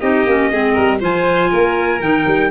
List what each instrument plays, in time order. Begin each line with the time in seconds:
0.00 tuba C4, clarinet D#4, violin G4, trumpet D#5
0.26 tuba A#3, clarinet C#4
0.51 tuba G#3, clarinet C4, violin G#4
0.73 tuba G3, violin A#4
1.00 tuba F3, clarinet F4, violin C5, trumpet G#5
1.50 tuba A#3, violin A#4
2.00 tuba D#3, clarinet D#4, trumpet G5
2.27 tuba G3